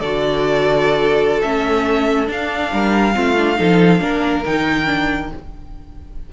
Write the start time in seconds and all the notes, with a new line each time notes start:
0.00 D3 F#4 A4 D5
1.42 A3 C#4 E5
2.26 D4 F5
2.72 G3 A#4
3.14 A3 C4 F4
3.37 D4
3.56 F3 D#4 A4
4.00 A#3 D4 A#4
4.45 D#3 D#4 G5
4.86 D4